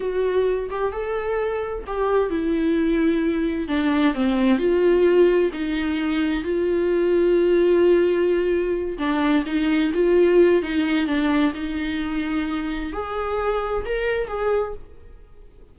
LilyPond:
\new Staff \with { instrumentName = "viola" } { \time 4/4 \tempo 4 = 130 fis'4. g'8 a'2 | g'4 e'2. | d'4 c'4 f'2 | dis'2 f'2~ |
f'2.~ f'8 d'8~ | d'8 dis'4 f'4. dis'4 | d'4 dis'2. | gis'2 ais'4 gis'4 | }